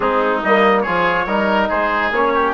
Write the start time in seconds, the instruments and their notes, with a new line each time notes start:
0.00 bassoon G#3, trombone C4, oboe D#4, trumpet G#4
0.43 bassoon G3, trombone A#3, trumpet D#5
0.81 trombone F4, oboe G#4, trumpet C#5
0.87 bassoon F3
1.26 bassoon G3, trombone D#4, oboe A#4
1.69 bassoon G#3, oboe G#4, trumpet C5
2.11 bassoon A#3, trombone C#4, trumpet C#5
2.34 oboe G4